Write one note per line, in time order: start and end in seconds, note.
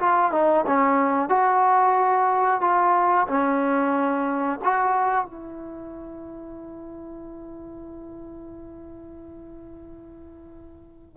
0.00 0.32 F4
0.32 0.65 D#4
0.67 1.29 C#4
1.29 2.61 F#4
2.61 3.27 F4
3.28 4.60 C#4
4.65 5.25 F#4
5.25 11.18 E4